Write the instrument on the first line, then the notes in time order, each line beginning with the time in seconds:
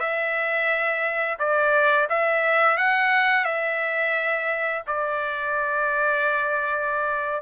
trumpet
0.00 E5
1.39 D5
2.09 E5
2.77 F#5
3.45 E5
4.87 D5